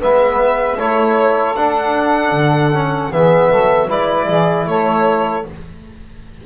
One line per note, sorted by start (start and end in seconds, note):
0.00 0.77 G#3
0.00 0.78 B3
0.00 0.78 B4
0.00 0.80 E5
0.77 1.55 A3
0.77 1.56 E4
0.77 3.12 A4
0.77 1.56 C#5
1.56 2.32 D4
1.56 2.73 D4
1.56 3.12 F#5
2.32 3.10 D3
2.73 3.12 C#4
3.11 3.50 E3
3.11 3.88 B3
3.11 3.50 G#4
3.11 3.90 E5
3.50 3.90 F#3
3.50 3.87 A4
3.87 4.28 G#3
3.87 5.44 E4
3.87 4.26 B4
3.87 4.68 D5
4.27 4.67 E3
4.27 4.66 G#4
4.67 5.44 A3
4.67 5.46 A4
4.67 5.46 C#5